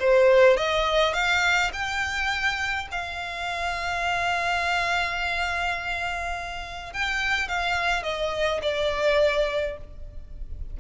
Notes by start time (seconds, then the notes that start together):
0.00 C5
0.58 D#5
1.14 F5
1.73 G5
2.92 F5
6.93 G5
7.48 F5
8.03 D#5
8.62 D5